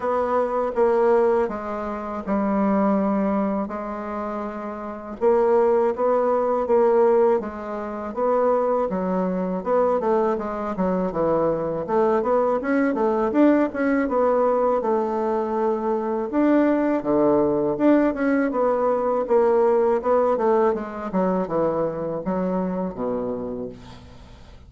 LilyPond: \new Staff \with { instrumentName = "bassoon" } { \time 4/4 \tempo 4 = 81 b4 ais4 gis4 g4~ | g4 gis2 ais4 | b4 ais4 gis4 b4 | fis4 b8 a8 gis8 fis8 e4 |
a8 b8 cis'8 a8 d'8 cis'8 b4 | a2 d'4 d4 | d'8 cis'8 b4 ais4 b8 a8 | gis8 fis8 e4 fis4 b,4 | }